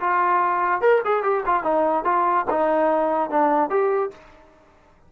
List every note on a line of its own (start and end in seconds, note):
0.00 0.81 F4
0.81 1.02 A#4
1.05 1.23 G#4
1.23 1.44 G4
1.46 1.63 F4
1.63 2.05 D#4
2.05 2.46 F4
2.50 3.30 D#4
3.30 3.70 D4
3.70 4.11 G4